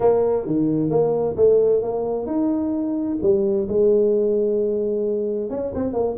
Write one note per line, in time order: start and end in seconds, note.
0.00 0.46 A#3
0.46 0.90 D#3
0.90 1.35 A#3
1.36 1.82 A3
1.82 2.26 A#3
2.26 3.18 D#4
3.22 3.67 G3
3.68 5.50 G#3
5.50 5.73 C#4
5.74 5.93 C4
5.93 6.16 A#3